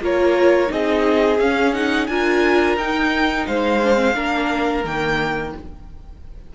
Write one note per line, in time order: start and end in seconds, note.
0.00 0.69 A#3
0.00 0.68 F4
0.00 0.72 A#4
0.00 0.72 C#5
0.68 1.39 C4
0.68 1.36 D#4
0.68 2.09 G#4
0.68 1.40 D#5
1.39 2.08 C#4
1.39 1.74 C#4
1.39 1.74 F5
1.74 2.08 D#4
1.74 2.07 F#5
2.07 2.76 D4
2.07 2.79 F4
2.07 3.47 A#4
2.07 2.76 G#5
2.76 3.45 D#4
2.76 3.82 D#4
2.76 3.46 G5
3.46 4.15 G#3
3.46 4.15 C5
3.46 4.84 F5
3.83 3.95 D4
3.95 4.12 C4
4.15 4.84 A#3
4.15 4.84 D4
4.15 5.53 A#4
4.84 5.53 D#3
4.84 5.55 A#3
4.84 5.53 G5